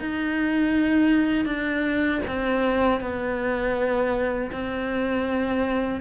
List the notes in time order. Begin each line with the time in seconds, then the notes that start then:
0.00 D#4
1.45 D4
2.27 C4
3.00 B3
4.51 C4